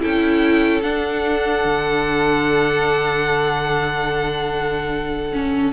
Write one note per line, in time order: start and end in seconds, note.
0.00 0.84 C#4
0.00 0.82 E4
0.00 5.73 A4
0.00 0.82 G5
0.82 5.32 D4
0.82 1.65 D4
0.82 5.72 F#5
1.65 5.73 D3
5.33 5.73 C#4